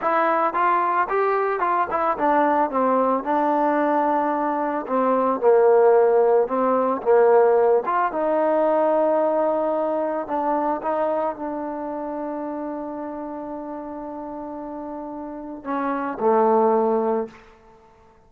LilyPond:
\new Staff \with { instrumentName = "trombone" } { \time 4/4 \tempo 4 = 111 e'4 f'4 g'4 f'8 e'8 | d'4 c'4 d'2~ | d'4 c'4 ais2 | c'4 ais4. f'8 dis'4~ |
dis'2. d'4 | dis'4 d'2.~ | d'1~ | d'4 cis'4 a2 | }